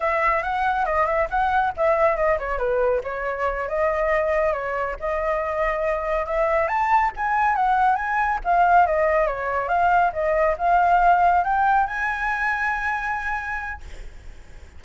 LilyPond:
\new Staff \with { instrumentName = "flute" } { \time 4/4 \tempo 4 = 139 e''4 fis''4 dis''8 e''8 fis''4 | e''4 dis''8 cis''8 b'4 cis''4~ | cis''8 dis''2 cis''4 dis''8~ | dis''2~ dis''8 e''4 a''8~ |
a''8 gis''4 fis''4 gis''4 f''8~ | f''8 dis''4 cis''4 f''4 dis''8~ | dis''8 f''2 g''4 gis''8~ | gis''1 | }